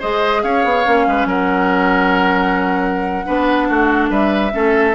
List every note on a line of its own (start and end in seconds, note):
0.00 0.44 G#3
0.00 0.86 G#4
0.00 0.42 C5
0.00 0.43 D#5
0.43 0.65 C#4
0.43 1.07 C#5
0.43 1.27 F5
0.65 0.86 B3
0.86 1.07 A#3
0.86 3.25 C#4
1.07 1.25 G#3
1.07 1.28 B4
1.25 3.25 F#3
1.25 3.26 A#4
1.25 4.12 F#5
3.25 3.69 B3
3.25 4.51 D4
3.25 3.68 B4
3.69 4.10 A3
3.69 4.10 F#4
4.10 4.52 G3
4.10 4.52 B4
4.10 4.95 E5
4.52 4.95 A3
4.52 4.94 C#4
4.52 4.95 A4